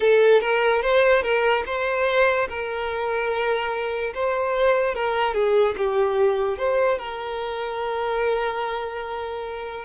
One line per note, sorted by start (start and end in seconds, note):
0.00 0.41 A4
0.41 0.81 A#4
0.81 1.22 C5
1.22 1.63 A#4
1.66 2.48 C5
2.48 4.13 A#4
4.14 4.95 C5
4.95 5.33 A#4
5.33 5.75 G#4
5.77 6.58 G4
6.58 6.98 C5
6.98 9.84 A#4